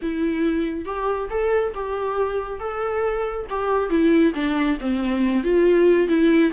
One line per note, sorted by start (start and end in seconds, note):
0.01 0.85 E4
0.85 1.28 G4
1.29 1.73 A4
1.74 2.59 G4
2.59 3.46 A4
3.49 3.89 G4
3.89 4.33 E4
4.34 4.77 D4
4.80 5.43 C4
5.43 6.08 F4
6.08 6.51 E4